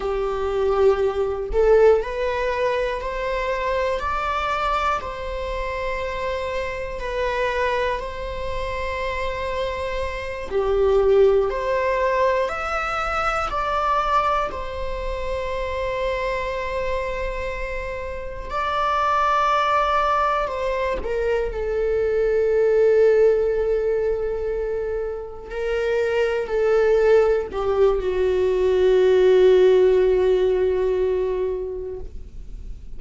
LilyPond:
\new Staff \with { instrumentName = "viola" } { \time 4/4 \tempo 4 = 60 g'4. a'8 b'4 c''4 | d''4 c''2 b'4 | c''2~ c''8 g'4 c''8~ | c''8 e''4 d''4 c''4.~ |
c''2~ c''8 d''4.~ | d''8 c''8 ais'8 a'2~ a'8~ | a'4. ais'4 a'4 g'8 | fis'1 | }